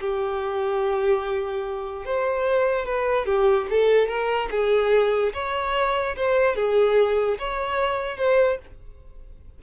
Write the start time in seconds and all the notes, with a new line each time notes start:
0.00 G4
2.05 C5
2.85 B4
3.25 G4
3.69 A4
4.08 A#4
4.50 G#4
5.33 C#5
6.16 C5
6.55 G#4
7.38 C#5
8.17 C5